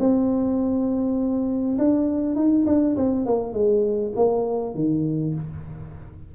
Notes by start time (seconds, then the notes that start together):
0.00 C4
1.79 D4
2.36 D#4
2.67 D4
2.97 C4
3.26 A#3
3.54 G#3
4.16 A#3
4.75 D#3